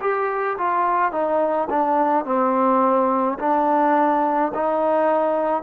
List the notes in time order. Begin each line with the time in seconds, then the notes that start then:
0.00 G4
0.58 F4
1.11 D#4
1.69 D4
2.25 C4
3.39 D4
4.54 D#4